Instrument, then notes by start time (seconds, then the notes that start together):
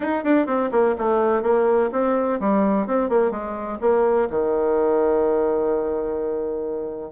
bassoon
0.00 D#4
0.24 D4
0.46 C4
0.71 A#3
0.97 A3
1.42 A#3
1.92 C4
2.40 G3
2.86 C4
3.09 A#3
3.30 G#3
3.80 A#3
4.30 D#3